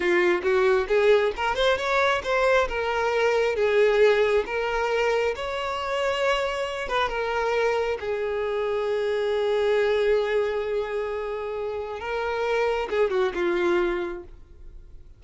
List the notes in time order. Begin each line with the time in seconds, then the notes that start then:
0.00 F4
0.42 F#4
0.88 G#4
1.36 A#4
1.55 C5
1.77 C#5
2.23 C5
2.68 A#4
3.55 G#4
4.46 A#4
5.35 C#5
6.88 B4
7.08 A#4
8.00 G#4
12.00 A#4
12.90 G#4
13.10 F#4
13.34 F4